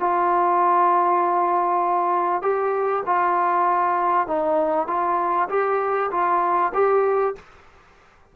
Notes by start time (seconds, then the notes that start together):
0.00 F4
2.42 G4
3.06 F4
4.27 D#4
4.87 F4
5.50 G4
6.11 F4
6.74 G4